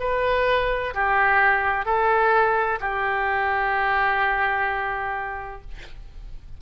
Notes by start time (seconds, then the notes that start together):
0.00 B4
0.95 G4
1.85 A4
2.80 G4